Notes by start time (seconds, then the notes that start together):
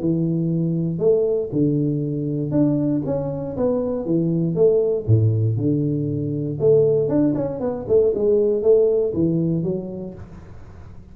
0.00 E3
0.99 A3
1.53 D3
2.51 D4
3.06 C#4
3.57 B3
4.06 E3
4.55 A3
5.07 A2
5.57 D3
6.60 A3
7.08 D4
7.35 C#4
7.60 B3
7.88 A3
8.15 G#3
8.63 A3
9.14 E3
9.63 F#3